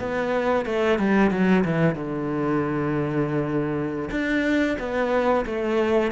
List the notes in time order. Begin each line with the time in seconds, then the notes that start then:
0.00 B3
0.66 A3
0.99 G3
1.32 F#3
1.65 E3
1.96 D3
4.11 D4
4.80 B3
5.46 A3